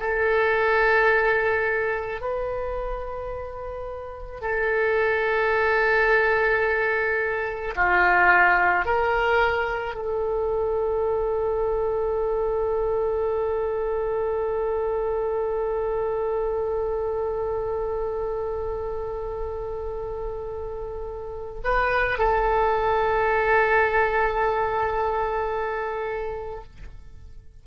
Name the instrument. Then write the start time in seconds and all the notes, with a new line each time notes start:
oboe
0.00 A4
2.21 B4
4.41 A4
7.76 F4
8.85 A#4
9.95 A4
21.64 B4
22.19 A4